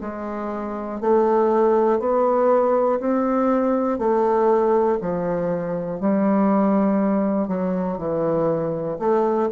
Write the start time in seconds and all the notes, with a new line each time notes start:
0.00 G#3
1.00 A3
1.99 B3
2.99 C4
3.99 A3
5.00 F3
6.00 G3
7.47 F#3
7.97 E3
8.99 A3